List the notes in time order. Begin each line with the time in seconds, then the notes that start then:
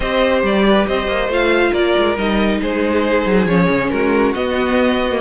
0.00 C4 G4 C5 D#5
0.42 G3 D5
0.67 B4
0.87 C4 C5 D#5
1.07 A#3
1.27 A3 F4 F5
1.71 A#3 A#4 D5
1.98 G#3
2.17 G3 D#4 D#5
2.62 G#3 G#4 C5
3.25 F#3
3.46 F3 C#4 C#5
3.69 C#3
3.90 G#3 F#4 A#4
4.34 B3 D#5
5.11 A#3